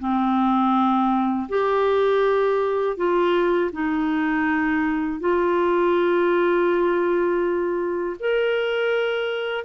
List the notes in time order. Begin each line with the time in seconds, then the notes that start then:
0.00 C4
1.49 G4
2.97 F4
3.72 D#4
5.20 F4
8.20 A#4